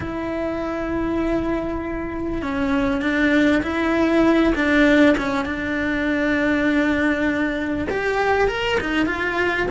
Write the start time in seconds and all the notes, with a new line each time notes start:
0.00 E4
2.41 C#4
3.01 D4
3.62 E4
4.55 D4
5.17 C#4
5.45 D4
7.90 G4
8.48 A#4
8.80 D#4
9.06 F4